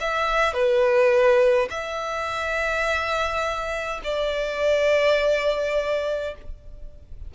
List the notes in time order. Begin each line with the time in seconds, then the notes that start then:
0.00 E5
0.53 B4
1.70 E5
4.04 D5